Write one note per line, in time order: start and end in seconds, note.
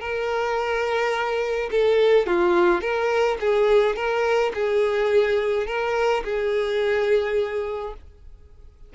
0.00 1.70 A#4
1.71 2.26 A4
2.26 2.81 F4
2.81 3.37 A#4
3.40 3.95 G#4
3.95 4.52 A#4
4.54 5.66 G#4
5.66 6.23 A#4
6.24 7.94 G#4